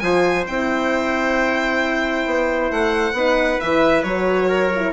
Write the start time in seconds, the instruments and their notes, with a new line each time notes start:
0.00 bassoon F3, horn F4, trumpet C5, violin G#5
0.47 bassoon C4, horn E4, violin G5
2.26 bassoon B3
2.72 bassoon A3, violin F#5
3.13 bassoon B3, horn D#4, trumpet B4
3.61 bassoon E3, horn E4, violin E5
4.04 bassoon F#3, horn F#4, violin C#5
4.49 trumpet A#4
4.76 horn E4